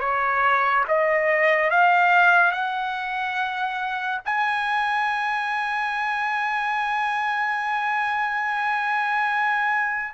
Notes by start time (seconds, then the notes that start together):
0.00 C#5
0.88 D#5
1.71 F5
2.52 F#5
4.26 G#5